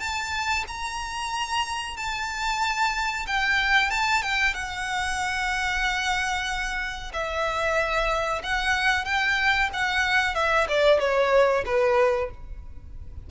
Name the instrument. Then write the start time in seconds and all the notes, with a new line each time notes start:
violin
0.00 A5
0.68 A#5
1.97 A5
3.27 G5
3.90 A5
4.23 G5
4.54 F#5
7.13 E5
8.43 F#5
9.05 G5
9.73 F#5
10.35 E5
10.68 D5
11.00 C#5
11.66 B4